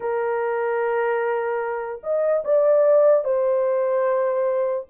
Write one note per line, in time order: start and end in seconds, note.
0.00 2.01 A#4
2.03 2.43 D#5
2.44 3.24 D5
3.24 4.86 C5